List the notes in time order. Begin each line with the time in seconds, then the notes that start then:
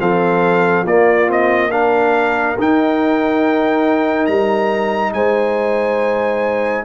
0.00 F3 C4 A4 F5
0.84 A#3 F4 D5
1.27 C4 D#5
1.71 D4 A#4 F5
2.59 D#4 G5
4.26 G3 A#5
5.13 G#3 C5 G#5